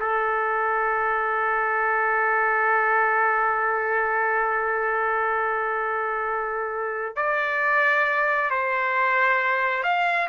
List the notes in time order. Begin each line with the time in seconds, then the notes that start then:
0.00 A4
7.16 D5
8.51 C5
9.83 F5